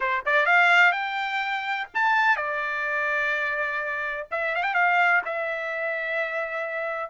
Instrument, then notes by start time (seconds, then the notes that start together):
trumpet
0.00 C5
0.25 D5
0.46 F5
0.92 G5
1.94 A5
2.36 D5
4.31 E5
4.55 F5
4.63 G5
4.74 F5
5.25 E5